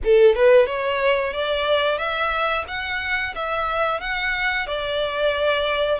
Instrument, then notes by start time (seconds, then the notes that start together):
violin
0.04 A4
0.35 B4
0.66 C#5
1.33 D5
1.98 E5
2.67 F#5
3.35 E5
4.00 F#5
4.66 D5